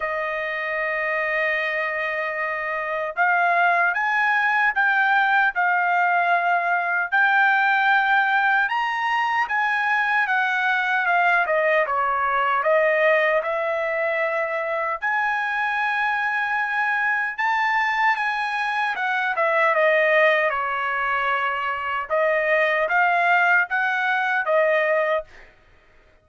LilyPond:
\new Staff \with { instrumentName = "trumpet" } { \time 4/4 \tempo 4 = 76 dis''1 | f''4 gis''4 g''4 f''4~ | f''4 g''2 ais''4 | gis''4 fis''4 f''8 dis''8 cis''4 |
dis''4 e''2 gis''4~ | gis''2 a''4 gis''4 | fis''8 e''8 dis''4 cis''2 | dis''4 f''4 fis''4 dis''4 | }